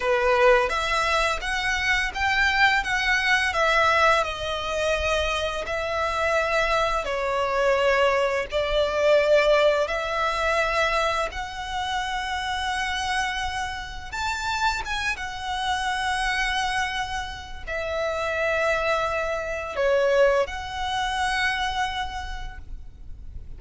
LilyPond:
\new Staff \with { instrumentName = "violin" } { \time 4/4 \tempo 4 = 85 b'4 e''4 fis''4 g''4 | fis''4 e''4 dis''2 | e''2 cis''2 | d''2 e''2 |
fis''1 | a''4 gis''8 fis''2~ fis''8~ | fis''4 e''2. | cis''4 fis''2. | }